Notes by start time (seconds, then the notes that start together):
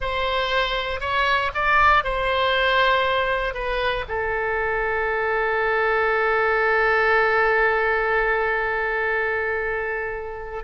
0.00 C5
1.00 C#5
1.54 D5
2.04 C5
3.54 B4
4.08 A4